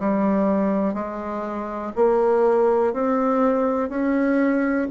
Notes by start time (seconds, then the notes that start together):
0.00 G3
0.94 G#3
1.96 A#3
2.93 C4
3.89 C#4